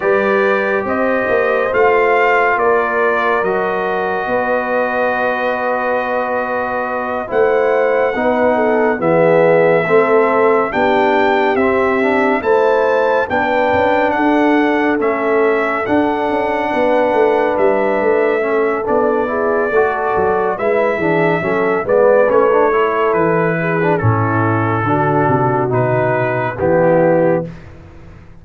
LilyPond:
<<
  \new Staff \with { instrumentName = "trumpet" } { \time 4/4 \tempo 4 = 70 d''4 dis''4 f''4 d''4 | dis''1~ | dis''8 fis''2 e''4.~ | e''8 g''4 e''4 a''4 g''8~ |
g''8 fis''4 e''4 fis''4.~ | fis''8 e''4. d''2 | e''4. d''8 cis''4 b'4 | a'2 b'4 g'4 | }
  \new Staff \with { instrumentName = "horn" } { \time 4/4 b'4 c''2 ais'4~ | ais'4 b'2.~ | b'8 c''4 b'8 a'8 gis'4 a'8~ | a'8 g'2 c''4 b'8~ |
b'8 a'2. b'8~ | b'4. a'4 gis'8 a'4 | b'8 gis'8 a'8 b'4 a'4 gis'8 | e'4 fis'2 e'4 | }
  \new Staff \with { instrumentName = "trombone" } { \time 4/4 g'2 f'2 | fis'1~ | fis'8 e'4 dis'4 b4 c'8~ | c'8 d'4 c'8 d'8 e'4 d'8~ |
d'4. cis'4 d'4.~ | d'4. cis'8 d'8 e'8 fis'4 | e'8 d'8 cis'8 b8 cis'16 d'16 e'4~ e'16 d'16 | cis'4 d'4 dis'4 b4 | }
  \new Staff \with { instrumentName = "tuba" } { \time 4/4 g4 c'8 ais8 a4 ais4 | fis4 b2.~ | b8 a4 b4 e4 a8~ | a8 b4 c'4 a4 b8 |
cis'8 d'4 a4 d'8 cis'8 b8 | a8 g8 a4 b4 a8 fis8 | gis8 e8 fis8 gis8 a4 e4 | a,4 d8 c8 b,4 e4 | }
>>